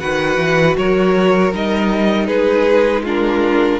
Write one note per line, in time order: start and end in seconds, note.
0.00 0.37 D#3
0.00 1.53 F#4
0.00 0.77 B4
0.00 0.76 F#5
0.37 0.75 E3
0.78 1.53 F#3
0.78 2.27 A#4
0.78 1.54 C#5
1.53 2.28 G3
1.53 3.05 D#4
1.53 2.27 D#5
2.27 3.80 G#3
2.27 3.03 G#4
2.27 3.03 B4
3.04 3.80 D4
3.04 3.80 F4
3.04 3.80 A#4